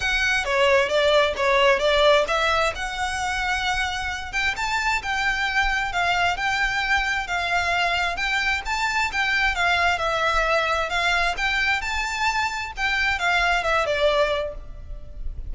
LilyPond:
\new Staff \with { instrumentName = "violin" } { \time 4/4 \tempo 4 = 132 fis''4 cis''4 d''4 cis''4 | d''4 e''4 fis''2~ | fis''4. g''8 a''4 g''4~ | g''4 f''4 g''2 |
f''2 g''4 a''4 | g''4 f''4 e''2 | f''4 g''4 a''2 | g''4 f''4 e''8 d''4. | }